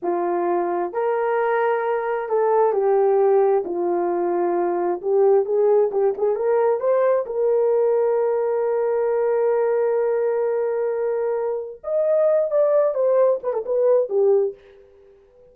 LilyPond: \new Staff \with { instrumentName = "horn" } { \time 4/4 \tempo 4 = 132 f'2 ais'2~ | ais'4 a'4 g'2 | f'2. g'4 | gis'4 g'8 gis'8 ais'4 c''4 |
ais'1~ | ais'1~ | ais'2 dis''4. d''8~ | d''8 c''4 b'16 a'16 b'4 g'4 | }